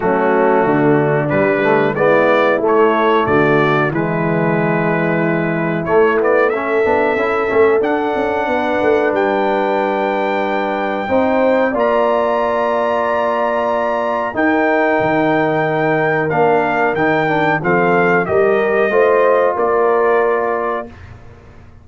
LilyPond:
<<
  \new Staff \with { instrumentName = "trumpet" } { \time 4/4 \tempo 4 = 92 fis'2 b'4 d''4 | cis''4 d''4 b'2~ | b'4 cis''8 d''8 e''2 | fis''2 g''2~ |
g''2 ais''2~ | ais''2 g''2~ | g''4 f''4 g''4 f''4 | dis''2 d''2 | }
  \new Staff \with { instrumentName = "horn" } { \time 4/4 cis'4 d'2 e'4~ | e'4 fis'4 e'2~ | e'2 a'2~ | a'4 b'2.~ |
b'4 c''4 d''2~ | d''2 ais'2~ | ais'2. a'4 | ais'4 c''4 ais'2 | }
  \new Staff \with { instrumentName = "trombone" } { \time 4/4 a2 g8 a8 b4 | a2 gis2~ | gis4 a8 b8 cis'8 d'8 e'8 cis'8 | d'1~ |
d'4 dis'4 f'2~ | f'2 dis'2~ | dis'4 d'4 dis'8 d'8 c'4 | g'4 f'2. | }
  \new Staff \with { instrumentName = "tuba" } { \time 4/4 fis4 d4 g4 gis4 | a4 d4 e2~ | e4 a4. b8 cis'8 a8 | d'8 cis'8 b8 a8 g2~ |
g4 c'4 ais2~ | ais2 dis'4 dis4~ | dis4 ais4 dis4 f4 | g4 a4 ais2 | }
>>